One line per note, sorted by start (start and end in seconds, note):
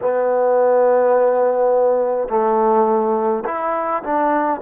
0.01 2.28 B3
2.28 3.44 A3
3.45 4.02 E4
4.03 4.60 D4